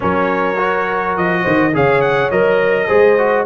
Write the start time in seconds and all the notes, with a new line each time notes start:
0.00 F#3 C#4 A#4 C#5
0.57 F#4
1.16 F3 D#5
1.42 D#3 C5
1.73 C#3 G#4 C#5 F5
2.01 F#5
2.30 F#3 A#4 D#5
2.87 G#3 G#4 C5
3.18 F#4